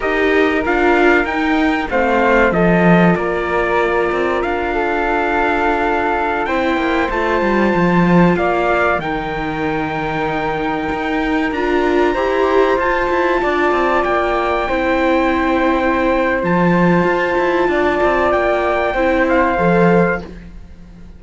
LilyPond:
<<
  \new Staff \with { instrumentName = "trumpet" } { \time 4/4 \tempo 4 = 95 dis''4 f''4 g''4 f''4 | dis''4 d''2 f''4~ | f''2~ f''16 g''4 a''8.~ | a''4~ a''16 f''4 g''4.~ g''16~ |
g''2~ g''16 ais''4.~ ais''16~ | ais''16 a''2 g''4.~ g''16~ | g''2 a''2~ | a''4 g''4. f''4. | }
  \new Staff \with { instrumentName = "flute" } { \time 4/4 ais'2. c''4 | a'4 ais'2~ ais'8 a'8~ | a'2~ a'16 c''4.~ c''16~ | c''4~ c''16 d''4 ais'4.~ ais'16~ |
ais'2.~ ais'16 c''8.~ | c''4~ c''16 d''2 c''8.~ | c''1 | d''2 c''2 | }
  \new Staff \with { instrumentName = "viola" } { \time 4/4 g'4 f'4 dis'4 c'4 | f'1~ | f'2~ f'16 e'4 f'8.~ | f'2~ f'16 dis'4.~ dis'16~ |
dis'2~ dis'16 f'4 g'8.~ | g'16 f'2. e'8.~ | e'2 f'2~ | f'2 e'4 a'4 | }
  \new Staff \with { instrumentName = "cello" } { \time 4/4 dis'4 d'4 dis'4 a4 | f4 ais4. c'8 d'4~ | d'2~ d'16 c'8 ais8 a8 g16~ | g16 f4 ais4 dis4.~ dis16~ |
dis4~ dis16 dis'4 d'4 e'8.~ | e'16 f'8 e'8 d'8 c'8 ais4 c'8.~ | c'2 f4 f'8 e'8 | d'8 c'8 ais4 c'4 f4 | }
>>